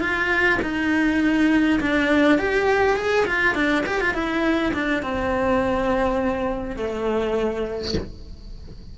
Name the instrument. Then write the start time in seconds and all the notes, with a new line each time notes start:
cello
0.00 F4
0.62 D#4
1.80 D4
2.39 G4
2.97 G#4
3.26 F4
3.55 D4
3.86 G4
4.01 F4
4.14 E4
4.74 D4
5.02 C4
6.76 A3